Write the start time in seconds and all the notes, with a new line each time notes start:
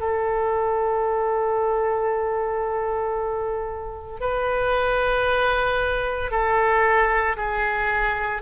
0.00 A4
4.21 B4
6.32 A4
7.37 G#4